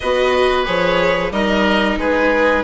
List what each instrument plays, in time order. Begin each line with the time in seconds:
0.00 bassoon B3, viola F#4, oboe B4, violin D#5
0.65 bassoon F3, viola G#4, violin C#5
1.31 bassoon G3, viola D#4, oboe A#4, violin D#5
1.97 bassoon G#3, oboe G#4, violin B4